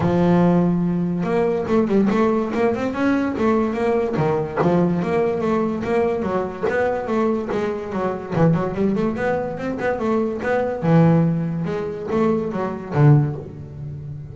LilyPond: \new Staff \with { instrumentName = "double bass" } { \time 4/4 \tempo 4 = 144 f2. ais4 | a8 g8 a4 ais8 c'8 cis'4 | a4 ais4 dis4 f4 | ais4 a4 ais4 fis4 |
b4 a4 gis4 fis4 | e8 fis8 g8 a8 b4 c'8 b8 | a4 b4 e2 | gis4 a4 fis4 d4 | }